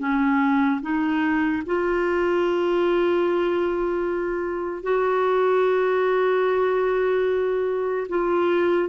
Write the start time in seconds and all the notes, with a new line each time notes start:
0.00 C#4
0.82 D#4
1.67 F4
4.84 F#4
8.09 F4